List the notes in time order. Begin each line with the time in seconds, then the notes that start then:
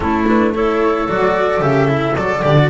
0.00 A3 C#4 E4 A4
0.26 D4 B4
0.54 E4 A4 C#5
1.08 F#3 F#4 D5
1.60 C#3 G4 E5
1.87 E4
2.15 F#3 A4 D5
2.42 D3 G4 D5
2.58 F#4